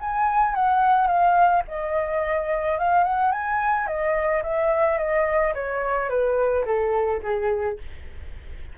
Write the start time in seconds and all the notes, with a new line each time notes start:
0.00 G#5
0.55 F#5
1.07 F5
1.68 D#5
2.78 F5
3.04 F#5
3.32 G#5
3.87 D#5
4.43 E5
4.97 D#5
5.54 C#5
6.09 B4
6.65 A4
7.22 G#4